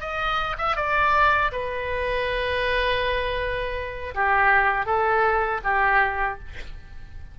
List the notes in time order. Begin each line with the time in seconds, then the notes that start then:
0.00 D#5
0.58 E5
0.76 D5
1.52 B4
4.15 G4
4.86 A4
5.64 G4